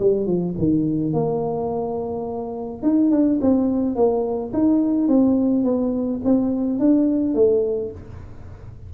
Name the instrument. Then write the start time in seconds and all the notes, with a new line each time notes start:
tuba
0.00 G3
0.27 F3
0.58 D#3
1.13 A#3
2.83 D#4
3.11 D4
3.41 C4
3.96 A#3
4.53 D#4
5.08 C4
5.64 B3
6.25 C4
6.79 D4
7.35 A3